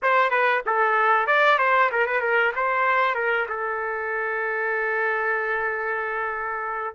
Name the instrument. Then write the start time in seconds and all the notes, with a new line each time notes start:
trumpet
0.02 C5
0.30 B4
0.66 A4
1.26 D5
1.58 C5
1.91 A#4
2.06 B4
2.20 A#4
2.55 C5
3.14 A#4
3.49 A4